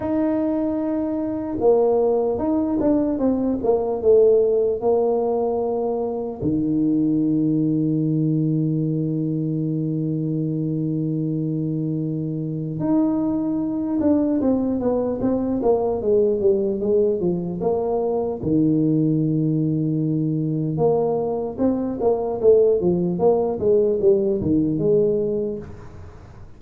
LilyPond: \new Staff \with { instrumentName = "tuba" } { \time 4/4 \tempo 4 = 75 dis'2 ais4 dis'8 d'8 | c'8 ais8 a4 ais2 | dis1~ | dis1 |
dis'4. d'8 c'8 b8 c'8 ais8 | gis8 g8 gis8 f8 ais4 dis4~ | dis2 ais4 c'8 ais8 | a8 f8 ais8 gis8 g8 dis8 gis4 | }